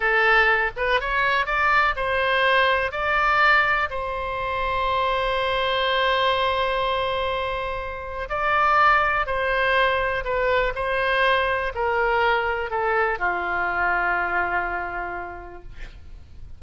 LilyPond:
\new Staff \with { instrumentName = "oboe" } { \time 4/4 \tempo 4 = 123 a'4. b'8 cis''4 d''4 | c''2 d''2 | c''1~ | c''1~ |
c''4 d''2 c''4~ | c''4 b'4 c''2 | ais'2 a'4 f'4~ | f'1 | }